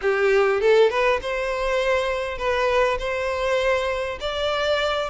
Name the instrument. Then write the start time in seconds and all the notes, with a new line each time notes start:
violin
0.01 G4
0.60 A4
0.89 B4
1.21 C5
2.38 B4
2.98 C5
4.20 D5